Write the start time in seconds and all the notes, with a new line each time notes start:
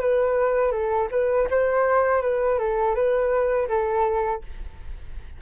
0.00 B4
0.72 A4
1.11 B4
1.50 C5
2.22 B4
2.58 A4
2.95 B4
3.68 A4